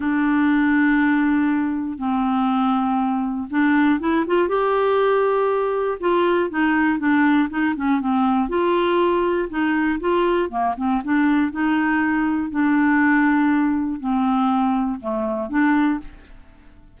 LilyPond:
\new Staff \with { instrumentName = "clarinet" } { \time 4/4 \tempo 4 = 120 d'1 | c'2. d'4 | e'8 f'8 g'2. | f'4 dis'4 d'4 dis'8 cis'8 |
c'4 f'2 dis'4 | f'4 ais8 c'8 d'4 dis'4~ | dis'4 d'2. | c'2 a4 d'4 | }